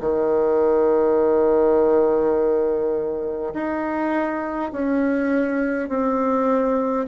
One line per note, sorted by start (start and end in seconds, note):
0.00 3.53 D#3
3.53 4.71 D#4
4.72 5.88 C#4
5.88 7.06 C4